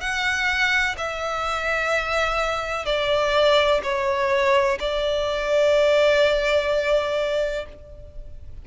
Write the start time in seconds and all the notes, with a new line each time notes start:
0.00 F#5
0.97 E5
2.85 D5
3.83 C#5
4.79 D5